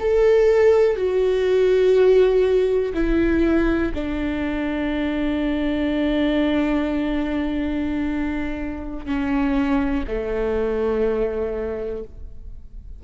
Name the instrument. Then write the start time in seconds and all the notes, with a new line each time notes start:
viola
0.00 A4
0.97 F#4
2.94 E4
3.94 D4
9.06 C#4
10.07 A3